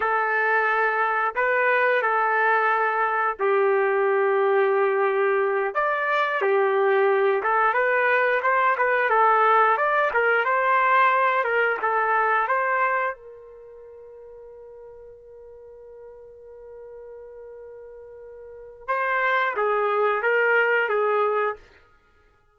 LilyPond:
\new Staff \with { instrumentName = "trumpet" } { \time 4/4 \tempo 4 = 89 a'2 b'4 a'4~ | a'4 g'2.~ | g'8 d''4 g'4. a'8 b'8~ | b'8 c''8 b'8 a'4 d''8 ais'8 c''8~ |
c''4 ais'8 a'4 c''4 ais'8~ | ais'1~ | ais'1 | c''4 gis'4 ais'4 gis'4 | }